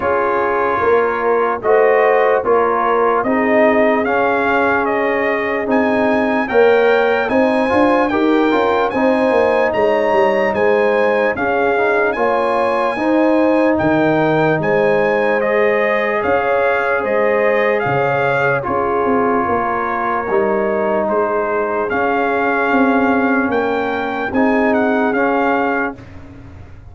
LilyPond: <<
  \new Staff \with { instrumentName = "trumpet" } { \time 4/4 \tempo 4 = 74 cis''2 dis''4 cis''4 | dis''4 f''4 dis''4 gis''4 | g''4 gis''4 g''4 gis''4 | ais''4 gis''4 f''4 gis''4~ |
gis''4 g''4 gis''4 dis''4 | f''4 dis''4 f''4 cis''4~ | cis''2 c''4 f''4~ | f''4 g''4 gis''8 fis''8 f''4 | }
  \new Staff \with { instrumentName = "horn" } { \time 4/4 gis'4 ais'4 c''4 ais'4 | gis'1 | cis''4 c''4 ais'4 c''4 | cis''4 c''4 gis'4 cis''4 |
c''4 ais'4 c''2 | cis''4 c''4 cis''4 gis'4 | ais'2 gis'2~ | gis'4 ais'4 gis'2 | }
  \new Staff \with { instrumentName = "trombone" } { \time 4/4 f'2 fis'4 f'4 | dis'4 cis'2 dis'4 | ais'4 dis'8 f'8 g'8 f'8 dis'4~ | dis'2 cis'8 dis'8 f'4 |
dis'2. gis'4~ | gis'2. f'4~ | f'4 dis'2 cis'4~ | cis'2 dis'4 cis'4 | }
  \new Staff \with { instrumentName = "tuba" } { \time 4/4 cis'4 ais4 a4 ais4 | c'4 cis'2 c'4 | ais4 c'8 d'8 dis'8 cis'8 c'8 ais8 | gis8 g8 gis4 cis'4 ais4 |
dis'4 dis4 gis2 | cis'4 gis4 cis4 cis'8 c'8 | ais4 g4 gis4 cis'4 | c'4 ais4 c'4 cis'4 | }
>>